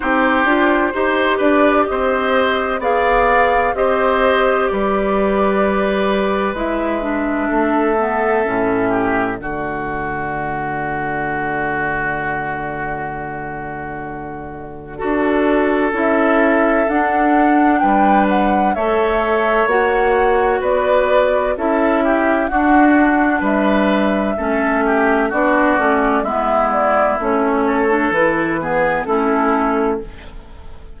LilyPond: <<
  \new Staff \with { instrumentName = "flute" } { \time 4/4 \tempo 4 = 64 c''4. d''8 dis''4 f''4 | dis''4 d''2 e''4~ | e''2 d''2~ | d''1~ |
d''4 e''4 fis''4 g''8 fis''8 | e''4 fis''4 d''4 e''4 | fis''4 e''2 d''4 | e''8 d''8 cis''4 b'4 a'4 | }
  \new Staff \with { instrumentName = "oboe" } { \time 4/4 g'4 c''8 b'8 c''4 d''4 | c''4 b'2. | a'4. g'8 fis'2~ | fis'1 |
a'2. b'4 | cis''2 b'4 a'8 g'8 | fis'4 b'4 a'8 g'8 fis'4 | e'4. a'4 gis'8 e'4 | }
  \new Staff \with { instrumentName = "clarinet" } { \time 4/4 dis'8 f'8 g'2 gis'4 | g'2. e'8 d'8~ | d'8 b8 cis'4 a2~ | a1 |
fis'4 e'4 d'2 | a'4 fis'2 e'4 | d'2 cis'4 d'8 cis'8 | b4 cis'8. d'16 e'8 b8 cis'4 | }
  \new Staff \with { instrumentName = "bassoon" } { \time 4/4 c'8 d'8 dis'8 d'8 c'4 b4 | c'4 g2 gis4 | a4 a,4 d2~ | d1 |
d'4 cis'4 d'4 g4 | a4 ais4 b4 cis'4 | d'4 g4 a4 b8 a8 | gis4 a4 e4 a4 | }
>>